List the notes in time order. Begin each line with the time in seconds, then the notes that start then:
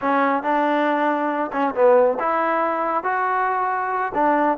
0.01 C#4
0.42 D4
1.52 C#4
1.74 B3
2.19 E4
3.03 F#4
4.14 D4